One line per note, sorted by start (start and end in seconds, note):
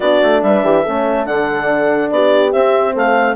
0.00 0.21 B3
0.00 0.85 D4
0.00 0.42 F#4
0.00 0.42 D5
0.22 0.42 A3
0.42 0.63 G3
0.42 0.64 B4
0.42 1.26 E5
0.63 0.84 E3
0.63 0.82 G4
0.82 1.27 A3
0.82 1.25 C#4
0.82 2.09 A4
1.25 2.10 D3
1.25 2.51 D4
1.25 2.10 F#5
2.10 2.52 B3
2.10 2.94 G4
2.10 2.52 D5
2.51 3.35 C4
2.51 2.95 C4
2.51 2.94 E5
2.94 3.35 A3
2.94 3.35 A4
2.94 3.35 F5